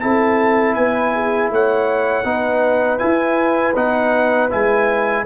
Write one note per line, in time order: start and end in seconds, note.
0.00 0.77 C4
0.00 2.25 E4
0.00 0.77 A4
0.00 0.75 A5
0.75 1.51 B3
0.75 1.14 B4
0.75 1.50 G#5
1.15 1.52 G#4
1.51 2.25 A3
1.51 2.28 C#5
1.51 2.99 F#5
2.25 3.00 B3
2.25 2.99 D#4
2.25 5.26 B4
2.99 3.74 E4
2.99 3.76 E4
2.99 3.74 G#5
3.76 4.51 B3
3.76 4.50 D#4
3.76 4.51 F#5
4.50 5.26 G#3
4.50 5.25 E4
4.50 5.26 G#5